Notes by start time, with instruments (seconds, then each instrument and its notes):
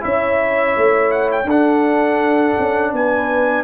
0.00 tuba C#4, trombone E4, horn C#5, trumpet E5
0.77 tuba A3
1.11 trumpet F#5
1.31 trumpet G5
1.44 tuba D4, horn A4, trumpet F#5
1.51 trombone D4
2.59 tuba C#4
2.92 tuba B3, horn B4, trumpet G#5